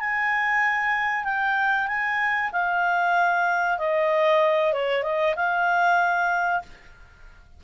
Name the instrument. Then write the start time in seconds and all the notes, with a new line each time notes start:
clarinet
0.00 G#5
1.25 G5
1.88 G#5
2.52 F5
3.79 D#5
4.73 C#5
5.03 D#5
5.36 F5